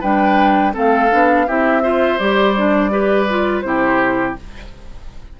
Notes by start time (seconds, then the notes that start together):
0.00 G3 D4 B4 G5
0.73 A3 C4 A4 F5
1.11 B3 D4
1.47 C4 E4 G4 E5
1.82 F4 C5
2.18 G3 G4 D5
2.56 D4
2.90 G4 B4
3.29 F4
3.61 C3 E4 C5
3.67 G4